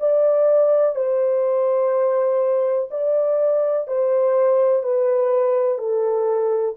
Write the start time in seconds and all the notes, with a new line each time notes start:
0.00 D5
0.96 C5
2.91 D5
3.88 C5
4.83 B4
5.78 A4